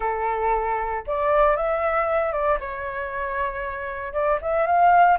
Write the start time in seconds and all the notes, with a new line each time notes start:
0.00 A4
1.07 D5
1.56 E5
2.32 D5
2.60 C#5
4.13 D5
4.41 E5
4.66 F5